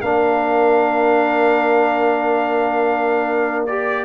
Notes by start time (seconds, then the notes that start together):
0.00 A#3 D4 A#4 F5
3.66 G4 D5